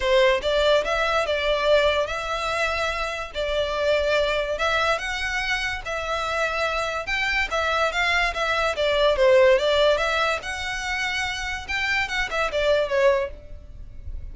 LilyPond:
\new Staff \with { instrumentName = "violin" } { \time 4/4 \tempo 4 = 144 c''4 d''4 e''4 d''4~ | d''4 e''2. | d''2. e''4 | fis''2 e''2~ |
e''4 g''4 e''4 f''4 | e''4 d''4 c''4 d''4 | e''4 fis''2. | g''4 fis''8 e''8 d''4 cis''4 | }